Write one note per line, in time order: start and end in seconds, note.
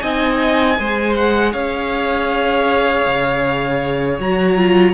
0.00 0.79 C4
0.00 0.77 D#4
0.00 0.79 D#5
0.00 1.14 G#5
0.78 1.54 G#3
0.78 4.20 G#4
0.78 1.53 C5
1.17 1.53 F#5
1.53 3.06 C#4
1.53 4.95 C#5
1.53 4.19 F5
3.06 4.19 C#3
4.19 4.95 F#3
4.19 4.58 F#4
4.19 4.95 A#5
4.58 4.95 F4